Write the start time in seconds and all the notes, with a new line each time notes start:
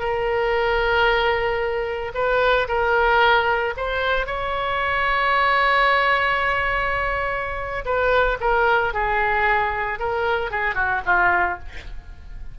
0.00 A#4
2.15 B4
2.68 A#4
3.77 C5
4.27 C#5
7.86 B4
8.41 A#4
8.94 G#4
10.00 A#4
10.52 G#4
10.75 F#4
11.06 F4